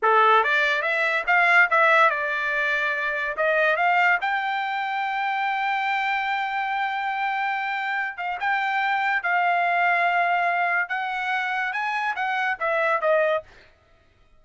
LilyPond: \new Staff \with { instrumentName = "trumpet" } { \time 4/4 \tempo 4 = 143 a'4 d''4 e''4 f''4 | e''4 d''2. | dis''4 f''4 g''2~ | g''1~ |
g''2.~ g''8 f''8 | g''2 f''2~ | f''2 fis''2 | gis''4 fis''4 e''4 dis''4 | }